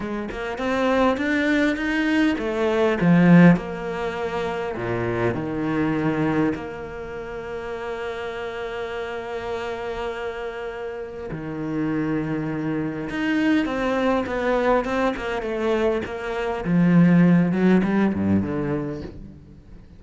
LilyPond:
\new Staff \with { instrumentName = "cello" } { \time 4/4 \tempo 4 = 101 gis8 ais8 c'4 d'4 dis'4 | a4 f4 ais2 | ais,4 dis2 ais4~ | ais1~ |
ais2. dis4~ | dis2 dis'4 c'4 | b4 c'8 ais8 a4 ais4 | f4. fis8 g8 g,8 d4 | }